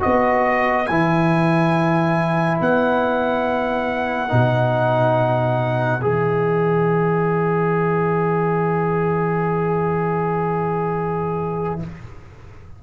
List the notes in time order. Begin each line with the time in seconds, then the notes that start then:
0.00 B3 F#4 B4 D#5
0.87 E3 E4 G#5
2.61 B3 F#5
4.29 B2 D#4
6.02 E3 G#4 E5